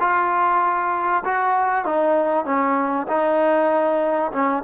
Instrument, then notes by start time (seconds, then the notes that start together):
trombone
0.00 F4
1.25 F#4
1.85 D#4
2.45 C#4
3.08 D#4
4.32 C#4